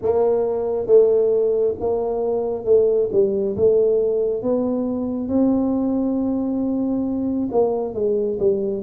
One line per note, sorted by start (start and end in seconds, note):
0.02 0.86 A#3
0.86 1.74 A3
1.79 2.65 A#3
2.65 3.09 A3
3.12 3.56 G3
3.56 4.42 A3
4.42 5.28 B3
5.28 7.48 C4
7.51 7.94 A#3
7.94 8.38 G#3
8.39 8.82 G3